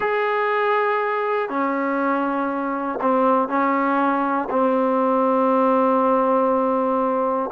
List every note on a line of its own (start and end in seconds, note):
0.00 1.49 G#4
1.49 2.99 C#4
3.01 3.48 C4
3.48 4.48 C#4
4.50 7.50 C4